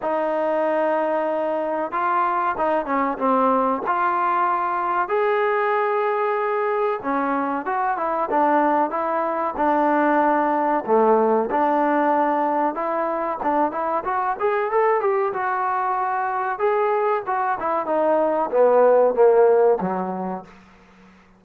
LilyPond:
\new Staff \with { instrumentName = "trombone" } { \time 4/4 \tempo 4 = 94 dis'2. f'4 | dis'8 cis'8 c'4 f'2 | gis'2. cis'4 | fis'8 e'8 d'4 e'4 d'4~ |
d'4 a4 d'2 | e'4 d'8 e'8 fis'8 gis'8 a'8 g'8 | fis'2 gis'4 fis'8 e'8 | dis'4 b4 ais4 fis4 | }